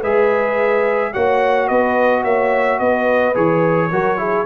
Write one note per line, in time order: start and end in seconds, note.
0.00 1.14 G#3
0.00 1.13 G#4
0.00 1.11 B4
0.00 1.13 E5
1.13 1.70 A#3
1.13 3.34 F#4
1.13 1.67 C#5
1.13 1.68 F#5
1.67 2.24 B3
1.67 2.23 B4
1.67 2.23 D#5
2.23 2.80 A#3
2.23 2.79 C#5
2.23 2.79 E5
2.79 3.35 B3
2.79 3.90 B4
2.79 3.35 D#5
3.34 3.91 E3
3.34 3.90 G#4
3.34 4.46 C#5
3.91 4.46 F#3
3.91 4.18 F#4
3.91 4.19 A#4
4.18 4.45 E4
4.18 4.46 G#4